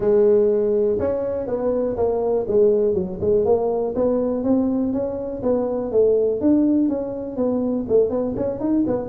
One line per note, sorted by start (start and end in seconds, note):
0.00 0.98 G#3
0.99 1.46 C#4
1.46 1.95 B3
1.96 2.46 A#3
2.47 2.94 G#3
2.94 3.18 F#3
3.20 3.45 G#3
3.45 3.94 A#3
3.95 4.43 B3
4.43 4.92 C4
4.92 5.42 C#4
5.42 5.91 B3
5.91 6.40 A3
6.40 6.88 D4
6.88 7.36 C#4
7.36 7.85 B3
7.88 8.10 A3
8.10 8.34 B3
8.36 8.60 C#4
8.60 8.84 D#4
8.86 9.09 B3